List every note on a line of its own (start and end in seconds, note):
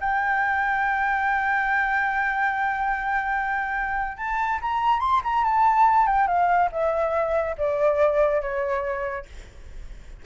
0.00 4.17 G5
4.17 4.59 A5
4.61 5.00 A#5
5.00 5.21 C6
5.24 5.44 A#5
5.44 6.06 A5
6.06 6.27 G5
6.27 6.69 F5
6.72 7.56 E5
7.58 8.41 D5
8.41 9.25 C#5